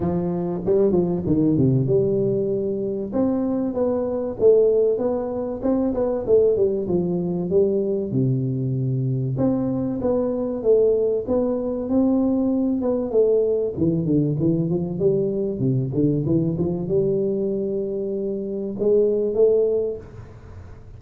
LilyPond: \new Staff \with { instrumentName = "tuba" } { \time 4/4 \tempo 4 = 96 f4 g8 f8 dis8 c8 g4~ | g4 c'4 b4 a4 | b4 c'8 b8 a8 g8 f4 | g4 c2 c'4 |
b4 a4 b4 c'4~ | c'8 b8 a4 e8 d8 e8 f8 | g4 c8 d8 e8 f8 g4~ | g2 gis4 a4 | }